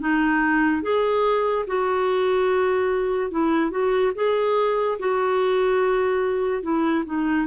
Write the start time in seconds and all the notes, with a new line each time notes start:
0.00 D#4
0.82 G#4
1.67 F#4
3.31 E4
3.70 F#4
4.15 G#4
4.99 F#4
6.62 E4
7.06 D#4